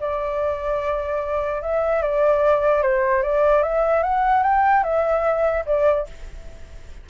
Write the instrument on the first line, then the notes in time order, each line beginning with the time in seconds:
flute
0.00 D5
1.62 E5
2.02 D5
2.82 C5
3.23 D5
3.63 E5
4.03 F#5
4.43 G5
4.84 E5
5.66 D5